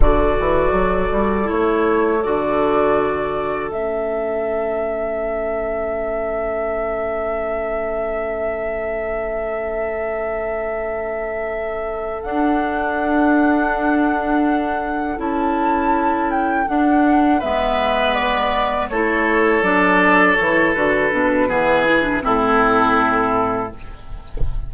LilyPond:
<<
  \new Staff \with { instrumentName = "flute" } { \time 4/4 \tempo 4 = 81 d''2 cis''4 d''4~ | d''4 e''2.~ | e''1~ | e''1~ |
e''8 fis''2.~ fis''8~ | fis''8 a''4. g''8 fis''4 e''8~ | e''8 d''4 cis''4 d''4 cis''8 | b'2 a'2 | }
  \new Staff \with { instrumentName = "oboe" } { \time 4/4 a'1~ | a'1~ | a'1~ | a'1~ |
a'1~ | a'2.~ a'8 b'8~ | b'4. a'2~ a'8~ | a'4 gis'4 e'2 | }
  \new Staff \with { instrumentName = "clarinet" } { \time 4/4 fis'2 e'4 fis'4~ | fis'4 cis'2.~ | cis'1~ | cis'1~ |
cis'8 d'2.~ d'8~ | d'8 e'2 d'4 b8~ | b4. e'4 d'4 e'8 | fis'8 d'8 b8 e'16 d'16 c'2 | }
  \new Staff \with { instrumentName = "bassoon" } { \time 4/4 d8 e8 fis8 g8 a4 d4~ | d4 a2.~ | a1~ | a1~ |
a8 d'2.~ d'8~ | d'8 cis'2 d'4 gis8~ | gis4. a4 fis4 e8 | d8 b,8 e4 a,2 | }
>>